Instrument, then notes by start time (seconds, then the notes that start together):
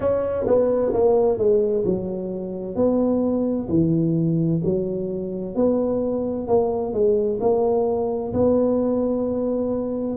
tuba
0.00 C#4
0.46 B3
0.93 A#3
1.38 G#3
1.85 F#3
2.75 B3
3.69 E3
4.64 F#3
5.55 B3
6.47 A#3
6.93 G#3
7.40 A#3
8.33 B3